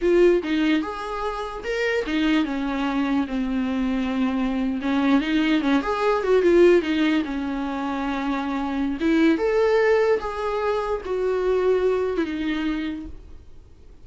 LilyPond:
\new Staff \with { instrumentName = "viola" } { \time 4/4 \tempo 4 = 147 f'4 dis'4 gis'2 | ais'4 dis'4 cis'2 | c'2.~ c'8. cis'16~ | cis'8. dis'4 cis'8 gis'4 fis'8 f'16~ |
f'8. dis'4 cis'2~ cis'16~ | cis'2 e'4 a'4~ | a'4 gis'2 fis'4~ | fis'4.~ fis'16 e'16 dis'2 | }